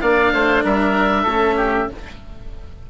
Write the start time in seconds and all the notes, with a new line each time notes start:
0.00 A#3 D4 D5 F5
0.32 A3 C5
0.63 G3 A#4 E5
1.22 A3 C#4 A4
1.57 G4